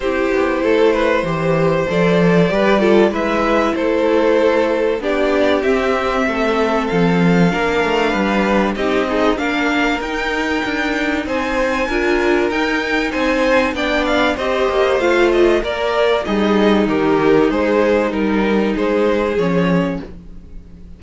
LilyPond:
<<
  \new Staff \with { instrumentName = "violin" } { \time 4/4 \tempo 4 = 96 c''2. d''4~ | d''4 e''4 c''2 | d''4 e''2 f''4~ | f''2 dis''4 f''4 |
g''2 gis''2 | g''4 gis''4 g''8 f''8 dis''4 | f''8 dis''8 d''4 dis''4 ais'4 | c''4 ais'4 c''4 cis''4 | }
  \new Staff \with { instrumentName = "violin" } { \time 4/4 g'4 a'8 b'8 c''2 | b'8 a'8 b'4 a'2 | g'2 a'2 | ais'4 b'4 g'8 dis'8 ais'4~ |
ais'2 c''4 ais'4~ | ais'4 c''4 d''4 c''4~ | c''4 ais'4 dis'2~ | dis'2 gis'2 | }
  \new Staff \with { instrumentName = "viola" } { \time 4/4 e'2 g'4 a'4 | g'8 f'8 e'2. | d'4 c'2. | d'2 dis'8 gis'8 d'4 |
dis'2. f'4 | dis'2 d'4 g'4 | f'4 ais'4 gis'4 g'4 | gis'4 dis'2 cis'4 | }
  \new Staff \with { instrumentName = "cello" } { \time 4/4 c'8 b8 a4 e4 f4 | g4 gis4 a2 | b4 c'4 a4 f4 | ais8 a8 g4 c'4 ais4 |
dis'4 d'4 c'4 d'4 | dis'4 c'4 b4 c'8 ais8 | a4 ais4 g4 dis4 | gis4 g4 gis4 f4 | }
>>